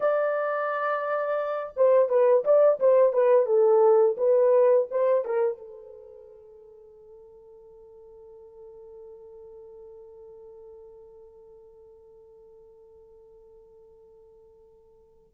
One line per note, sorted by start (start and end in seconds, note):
0.00 1.73 D5
1.76 2.09 C5
2.09 2.44 B4
2.44 2.79 D5
2.79 3.12 C5
3.12 3.46 B4
3.46 4.15 A4
4.17 4.87 B4
4.90 5.25 C5
5.25 5.57 A#4
5.57 15.34 A4